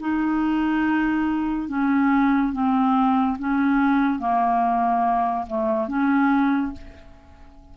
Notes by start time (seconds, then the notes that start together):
0.00 D#4
1.69 C#4
2.53 C4
3.39 C#4
4.19 A#3
5.47 A3
5.88 C#4